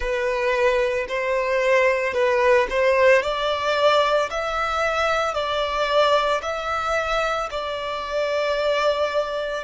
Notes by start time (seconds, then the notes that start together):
0.00 B4
1.08 C5
2.13 B4
2.69 C5
3.22 D5
4.30 E5
5.33 D5
6.42 E5
7.50 D5